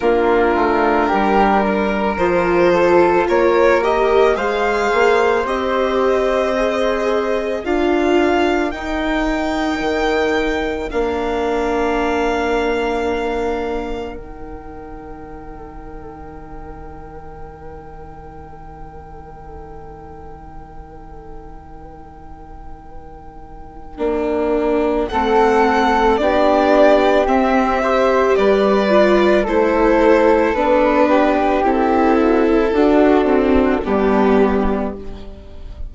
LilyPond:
<<
  \new Staff \with { instrumentName = "violin" } { \time 4/4 \tempo 4 = 55 ais'2 c''4 cis''8 dis''8 | f''4 dis''2 f''4 | g''2 f''2~ | f''4 g''2.~ |
g''1~ | g''2. fis''4 | d''4 e''4 d''4 c''4 | b'4 a'2 g'4 | }
  \new Staff \with { instrumentName = "flute" } { \time 4/4 f'4 g'8 ais'4 a'8 ais'4 | c''2. ais'4~ | ais'1~ | ais'1~ |
ais'1~ | ais'2. a'4 | g'4. c''8 b'4 a'4~ | a'8 g'4 fis'16 e'16 fis'4 d'4 | }
  \new Staff \with { instrumentName = "viola" } { \time 4/4 d'2 f'4. g'8 | gis'4 g'4 gis'4 f'4 | dis'2 d'2~ | d'4 dis'2.~ |
dis'1~ | dis'2 d'4 c'4 | d'4 c'8 g'4 f'8 e'4 | d'4 e'4 d'8 c'8 b4 | }
  \new Staff \with { instrumentName = "bassoon" } { \time 4/4 ais8 a8 g4 f4 ais4 | gis8 ais8 c'2 d'4 | dis'4 dis4 ais2~ | ais4 dis2.~ |
dis1~ | dis2 ais4 a4 | b4 c'4 g4 a4 | b4 c'4 d'4 g4 | }
>>